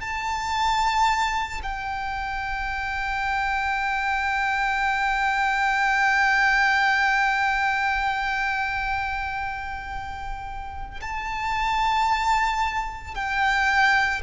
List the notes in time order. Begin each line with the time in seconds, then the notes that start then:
0.00 A5
1.62 G5
11.01 A5
13.14 G5